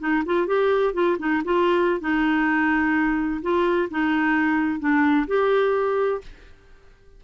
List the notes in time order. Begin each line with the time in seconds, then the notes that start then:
0.00 D#4
0.26 F4
0.47 G4
0.94 F4
1.19 D#4
1.44 F4
2.01 D#4
3.42 F4
3.91 D#4
4.80 D4
5.28 G4